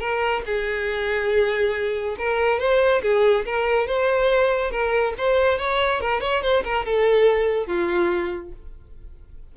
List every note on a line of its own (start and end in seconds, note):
0.00 0.43 A#4
0.46 2.16 G#4
2.19 2.60 A#4
2.60 3.02 C5
3.03 3.45 G#4
3.45 3.87 A#4
3.87 4.71 C5
4.71 5.14 A#4
5.18 5.58 C5
5.58 6.01 C#5
6.01 6.21 A#4
6.21 6.42 C#5
6.42 6.64 C5
6.64 6.85 A#4
6.85 7.67 A4
7.67 8.52 F4